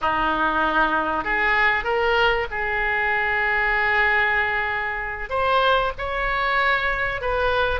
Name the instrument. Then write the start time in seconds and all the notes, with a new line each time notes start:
oboe
0.01 D#4
1.24 G#4
1.84 A#4
2.50 G#4
5.29 C5
5.98 C#5
7.21 B4